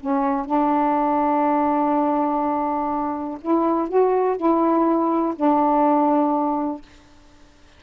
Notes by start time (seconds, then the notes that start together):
0.00 C#4
0.45 D4
3.41 E4
3.88 F#4
4.37 E4
5.35 D4